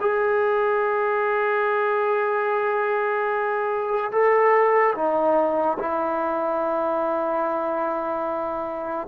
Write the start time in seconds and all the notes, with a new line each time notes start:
0.00 G#4
4.11 A4
4.95 D#4
5.78 E4